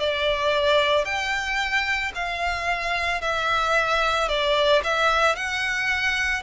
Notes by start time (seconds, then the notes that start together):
0.00 D5
1.05 G5
2.15 F5
3.22 E5
4.29 D5
4.84 E5
5.36 F#5